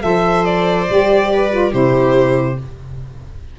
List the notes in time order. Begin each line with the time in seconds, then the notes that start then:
0.00 F3 A4 C5 E5
0.44 D5
0.88 G3 G4
1.33 B4
1.51 F4
1.71 C3 E4 G4 C5